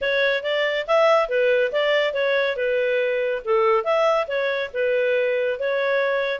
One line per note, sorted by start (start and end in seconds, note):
0.01 0.43 C#5
0.43 0.86 D5
0.87 1.28 E5
1.28 1.71 B4
1.71 2.13 D5
2.13 2.56 C#5
2.56 3.42 B4
3.44 3.84 A4
3.84 4.26 E5
4.27 4.70 C#5
4.73 5.59 B4
5.59 6.40 C#5